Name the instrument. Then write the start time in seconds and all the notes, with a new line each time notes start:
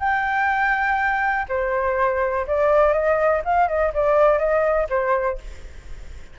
flute
0.00 G5
1.49 C5
2.47 D5
2.93 D#5
3.45 F5
3.69 D#5
3.94 D5
4.39 D#5
4.90 C5